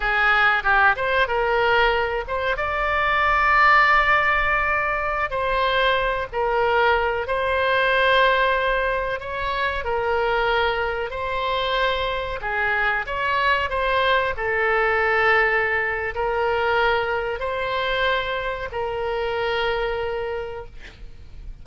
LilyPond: \new Staff \with { instrumentName = "oboe" } { \time 4/4 \tempo 4 = 93 gis'4 g'8 c''8 ais'4. c''8 | d''1~ | d''16 c''4. ais'4. c''8.~ | c''2~ c''16 cis''4 ais'8.~ |
ais'4~ ais'16 c''2 gis'8.~ | gis'16 cis''4 c''4 a'4.~ a'16~ | a'4 ais'2 c''4~ | c''4 ais'2. | }